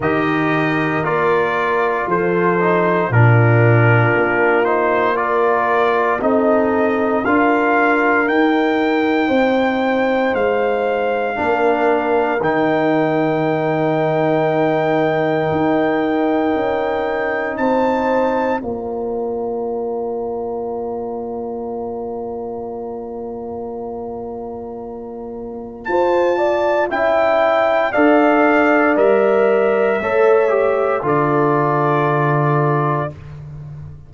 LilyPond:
<<
  \new Staff \with { instrumentName = "trumpet" } { \time 4/4 \tempo 4 = 58 dis''4 d''4 c''4 ais'4~ | ais'8 c''8 d''4 dis''4 f''4 | g''2 f''2 | g''1~ |
g''4 a''4 ais''2~ | ais''1~ | ais''4 a''4 g''4 f''4 | e''2 d''2 | }
  \new Staff \with { instrumentName = "horn" } { \time 4/4 ais'2 a'4 f'4~ | f'4 ais'4 a'4 ais'4~ | ais'4 c''2 ais'4~ | ais'1~ |
ais'4 c''4 d''2~ | d''1~ | d''4 c''8 d''8 e''4 d''4~ | d''4 cis''4 a'2 | }
  \new Staff \with { instrumentName = "trombone" } { \time 4/4 g'4 f'4. dis'8 d'4~ | d'8 dis'8 f'4 dis'4 f'4 | dis'2. d'4 | dis'1~ |
dis'2 f'2~ | f'1~ | f'2 e'4 a'4 | ais'4 a'8 g'8 f'2 | }
  \new Staff \with { instrumentName = "tuba" } { \time 4/4 dis4 ais4 f4 ais,4 | ais2 c'4 d'4 | dis'4 c'4 gis4 ais4 | dis2. dis'4 |
cis'4 c'4 ais2~ | ais1~ | ais4 f'4 cis'4 d'4 | g4 a4 d2 | }
>>